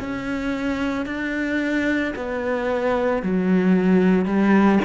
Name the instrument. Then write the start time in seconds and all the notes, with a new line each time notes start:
cello
0.00 C#4
1.06 D4
2.16 B3
3.22 F#3
4.26 G3